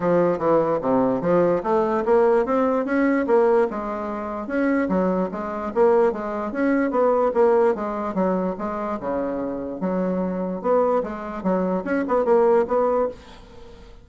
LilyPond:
\new Staff \with { instrumentName = "bassoon" } { \time 4/4 \tempo 4 = 147 f4 e4 c4 f4 | a4 ais4 c'4 cis'4 | ais4 gis2 cis'4 | fis4 gis4 ais4 gis4 |
cis'4 b4 ais4 gis4 | fis4 gis4 cis2 | fis2 b4 gis4 | fis4 cis'8 b8 ais4 b4 | }